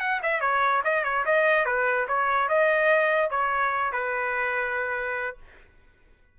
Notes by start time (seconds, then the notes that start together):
0.00 F#5
0.23 E5
0.41 C#5
0.84 D#5
1.04 C#5
1.26 D#5
1.65 B4
2.08 C#5
2.49 D#5
3.30 C#5
3.92 B4